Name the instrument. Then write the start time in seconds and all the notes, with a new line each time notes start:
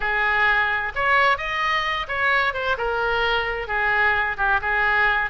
oboe
0.00 G#4
0.95 C#5
1.37 D#5
2.07 C#5
2.53 C5
2.77 A#4
3.67 G#4
4.37 G4
4.61 G#4